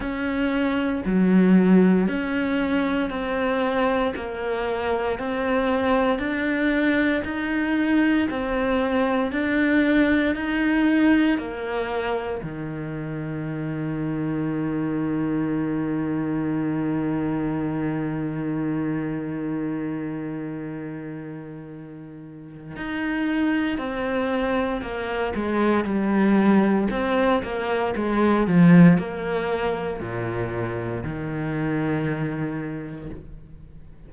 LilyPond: \new Staff \with { instrumentName = "cello" } { \time 4/4 \tempo 4 = 58 cis'4 fis4 cis'4 c'4 | ais4 c'4 d'4 dis'4 | c'4 d'4 dis'4 ais4 | dis1~ |
dis1~ | dis2 dis'4 c'4 | ais8 gis8 g4 c'8 ais8 gis8 f8 | ais4 ais,4 dis2 | }